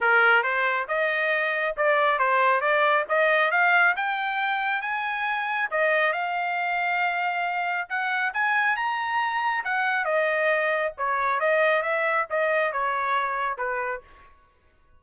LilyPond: \new Staff \with { instrumentName = "trumpet" } { \time 4/4 \tempo 4 = 137 ais'4 c''4 dis''2 | d''4 c''4 d''4 dis''4 | f''4 g''2 gis''4~ | gis''4 dis''4 f''2~ |
f''2 fis''4 gis''4 | ais''2 fis''4 dis''4~ | dis''4 cis''4 dis''4 e''4 | dis''4 cis''2 b'4 | }